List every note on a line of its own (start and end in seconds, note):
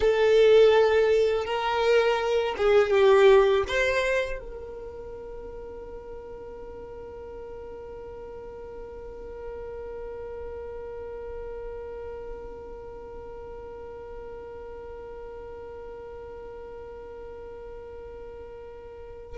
0.00 1.45 A4
1.45 2.54 A#4
2.57 2.90 G#4
2.90 3.63 G4
3.68 4.39 C5
4.39 19.38 A#4